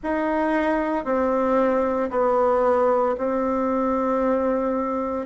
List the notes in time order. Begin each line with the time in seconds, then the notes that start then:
0.02 D#4
1.04 C4
2.10 B3
3.17 C4